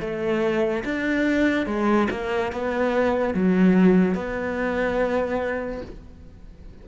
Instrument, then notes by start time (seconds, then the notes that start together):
cello
0.00 A3
0.84 D4
1.66 G#3
2.11 A#3
2.52 B3
3.34 F#3
4.15 B3